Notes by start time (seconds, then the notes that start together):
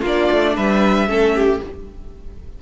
0.00 A#3 D4 F4
0.06 D5
0.31 A3
0.55 G3 B4 E5
1.07 A3 C#4 A4
1.35 G4